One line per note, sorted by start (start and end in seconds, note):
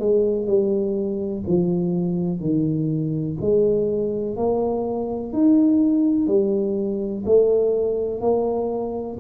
0.00 0.48 G#3
0.48 1.44 G3
1.48 2.40 F3
2.40 3.37 D#3
3.41 4.37 G#3
4.37 5.33 A#3
5.33 6.28 D#4
6.28 7.24 G3
7.26 8.21 A3
8.21 9.18 A#3